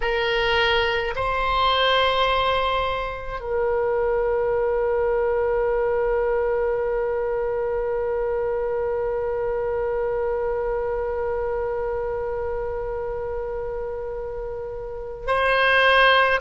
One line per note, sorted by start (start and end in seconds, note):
0.01 1.14 A#4
1.15 3.40 C5
3.40 15.26 A#4
15.26 16.39 C5